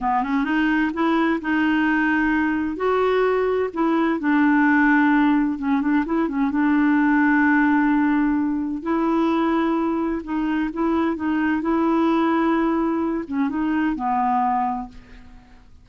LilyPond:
\new Staff \with { instrumentName = "clarinet" } { \time 4/4 \tempo 4 = 129 b8 cis'8 dis'4 e'4 dis'4~ | dis'2 fis'2 | e'4 d'2. | cis'8 d'8 e'8 cis'8 d'2~ |
d'2. e'4~ | e'2 dis'4 e'4 | dis'4 e'2.~ | e'8 cis'8 dis'4 b2 | }